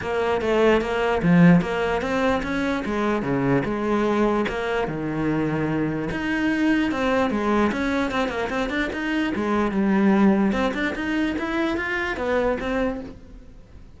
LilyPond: \new Staff \with { instrumentName = "cello" } { \time 4/4 \tempo 4 = 148 ais4 a4 ais4 f4 | ais4 c'4 cis'4 gis4 | cis4 gis2 ais4 | dis2. dis'4~ |
dis'4 c'4 gis4 cis'4 | c'8 ais8 c'8 d'8 dis'4 gis4 | g2 c'8 d'8 dis'4 | e'4 f'4 b4 c'4 | }